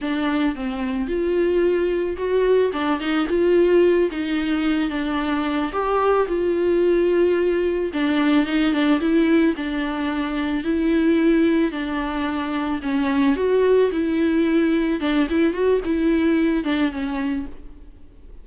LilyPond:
\new Staff \with { instrumentName = "viola" } { \time 4/4 \tempo 4 = 110 d'4 c'4 f'2 | fis'4 d'8 dis'8 f'4. dis'8~ | dis'4 d'4. g'4 f'8~ | f'2~ f'8 d'4 dis'8 |
d'8 e'4 d'2 e'8~ | e'4. d'2 cis'8~ | cis'8 fis'4 e'2 d'8 | e'8 fis'8 e'4. d'8 cis'4 | }